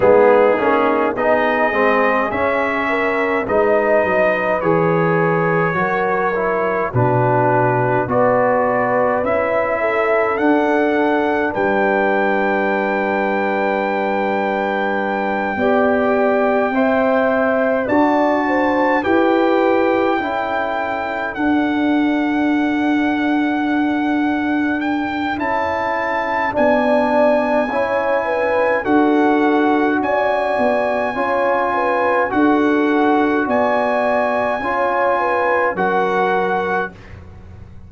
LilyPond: <<
  \new Staff \with { instrumentName = "trumpet" } { \time 4/4 \tempo 4 = 52 gis'4 dis''4 e''4 dis''4 | cis''2 b'4 d''4 | e''4 fis''4 g''2~ | g''2.~ g''8 a''8~ |
a''8 g''2 fis''4.~ | fis''4. g''8 a''4 gis''4~ | gis''4 fis''4 gis''2 | fis''4 gis''2 fis''4 | }
  \new Staff \with { instrumentName = "horn" } { \time 4/4 dis'4 gis'4. ais'8 b'4~ | b'4 ais'4 fis'4 b'4~ | b'8 a'4. b'2~ | b'4. d''4 e''4 d''8 |
c''8 b'4 a'2~ a'8~ | a'2. d''4 | cis''8 b'8 a'4 d''4 cis''8 b'8 | a'4 d''4 cis''8 b'8 ais'4 | }
  \new Staff \with { instrumentName = "trombone" } { \time 4/4 b8 cis'8 dis'8 c'8 cis'4 dis'4 | gis'4 fis'8 e'8 d'4 fis'4 | e'4 d'2.~ | d'4. g'4 c''4 fis'8~ |
fis'8 g'4 e'4 d'4.~ | d'2 e'4 d'4 | e'4 fis'2 f'4 | fis'2 f'4 fis'4 | }
  \new Staff \with { instrumentName = "tuba" } { \time 4/4 gis8 ais8 b8 gis8 cis'4 gis8 fis8 | e4 fis4 b,4 b4 | cis'4 d'4 g2~ | g4. b4 c'4 d'8~ |
d'8 e'4 cis'4 d'4.~ | d'2 cis'4 b4 | cis'4 d'4 cis'8 b8 cis'4 | d'4 b4 cis'4 fis4 | }
>>